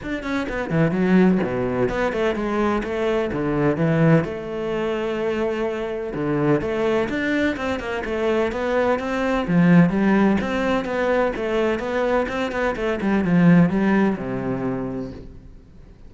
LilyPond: \new Staff \with { instrumentName = "cello" } { \time 4/4 \tempo 4 = 127 d'8 cis'8 b8 e8 fis4 b,4 | b8 a8 gis4 a4 d4 | e4 a2.~ | a4 d4 a4 d'4 |
c'8 ais8 a4 b4 c'4 | f4 g4 c'4 b4 | a4 b4 c'8 b8 a8 g8 | f4 g4 c2 | }